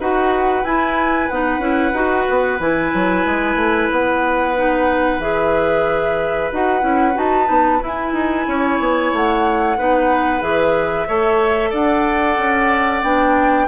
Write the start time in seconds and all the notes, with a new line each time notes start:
0.00 D#4 F#4 B4 F#5
0.64 E4 G#5
1.29 B3 D#4 F#5
1.59 C#4 E4
1.94 D#4 F#4
2.30 B3
2.60 E3 E4 G#5
2.94 F#3
3.26 G#3
3.56 A3
3.92 B3 F#5
4.57 D#4
5.19 E3 G#4 E5
6.52 D#4 F#4 F#5
6.81 C#4 E4
7.15 D#4 F#4 A5
7.45 B3 D#4
7.81 E4
7.87 G#5
8.13 D#4
8.48 C#4 C#5
8.80 B3
9.13 A3 F#5
9.78 B3 D#4 B4
10.41 E3 G#4 E5
11.08 A3 A4 C#5
11.71 D4 D5 F#5
12.38 C#4
13.03 B3 D4 G5